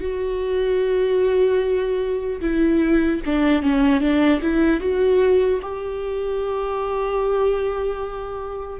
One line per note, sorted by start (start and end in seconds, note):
0.00 2.40 F#4
2.40 3.20 E4
3.25 3.62 D4
3.62 4.00 C#4
4.00 4.40 D4
4.41 4.80 E4
4.80 5.60 F#4
5.62 8.80 G4